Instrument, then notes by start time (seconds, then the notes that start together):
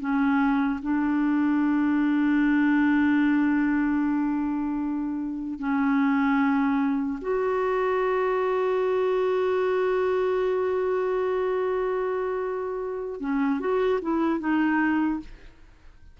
clarinet
0.00 C#4
0.83 D4
5.59 C#4
7.21 F#4
13.20 C#4
13.60 F#4
14.02 E4
14.40 D#4